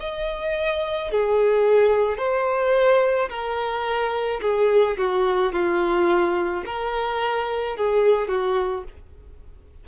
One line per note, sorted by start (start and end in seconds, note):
0.00 1.11 D#5
1.11 2.18 G#4
2.18 3.29 C5
3.29 4.40 A#4
4.41 4.97 G#4
4.97 5.53 F#4
5.53 6.64 F4
6.66 7.76 A#4
7.76 8.28 G#4
8.28 8.84 F#4